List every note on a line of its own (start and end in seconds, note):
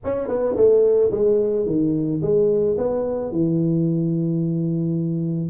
0.04 0.28 C#4
0.28 0.55 B3
0.56 1.11 A3
1.11 1.66 G#3
1.66 2.21 D#3
2.21 2.76 G#3
2.77 3.31 B3
3.31 5.50 E3